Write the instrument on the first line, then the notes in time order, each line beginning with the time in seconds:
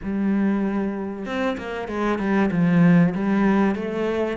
cello
0.03 G3
1.25 C4
1.57 A#3
1.88 G#3
2.18 G3
2.51 F3
3.14 G3
3.75 A3